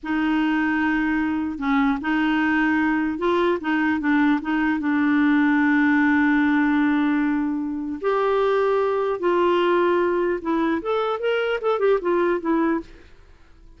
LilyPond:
\new Staff \with { instrumentName = "clarinet" } { \time 4/4 \tempo 4 = 150 dis'1 | cis'4 dis'2. | f'4 dis'4 d'4 dis'4 | d'1~ |
d'1 | g'2. f'4~ | f'2 e'4 a'4 | ais'4 a'8 g'8 f'4 e'4 | }